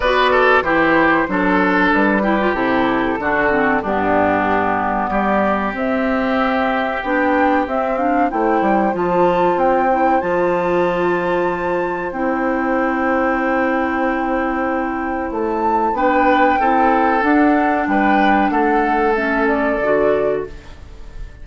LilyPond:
<<
  \new Staff \with { instrumentName = "flute" } { \time 4/4 \tempo 4 = 94 d''4 c''2 b'4 | a'2 g'2 | d''4 e''2 g''4 | e''8 f''8 g''4 a''4 g''4 |
a''2. g''4~ | g''1 | a''4 g''2 fis''4 | g''4 fis''4 e''8 d''4. | }
  \new Staff \with { instrumentName = "oboe" } { \time 4/4 b'8 a'8 g'4 a'4. g'8~ | g'4 fis'4 d'2 | g'1~ | g'4 c''2.~ |
c''1~ | c''1~ | c''4 b'4 a'2 | b'4 a'2. | }
  \new Staff \with { instrumentName = "clarinet" } { \time 4/4 fis'4 e'4 d'4. e'16 f'16 | e'4 d'8 c'8 b2~ | b4 c'2 d'4 | c'8 d'8 e'4 f'4. e'8 |
f'2. e'4~ | e'1~ | e'4 d'4 e'4 d'4~ | d'2 cis'4 fis'4 | }
  \new Staff \with { instrumentName = "bassoon" } { \time 4/4 b4 e4 fis4 g4 | c4 d4 g,2 | g4 c'2 b4 | c'4 a8 g8 f4 c'4 |
f2. c'4~ | c'1 | a4 b4 c'4 d'4 | g4 a2 d4 | }
>>